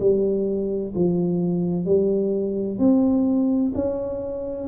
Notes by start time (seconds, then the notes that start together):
0.00 G3
0.95 F3
1.85 G3
2.79 C4
3.75 C#4